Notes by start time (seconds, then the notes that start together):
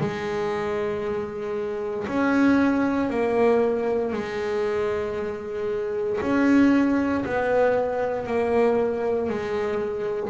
0.00 G#3
2.07 C#4
3.09 A#3
4.12 G#3
6.21 C#4
7.25 B3
8.27 A#3
9.29 G#3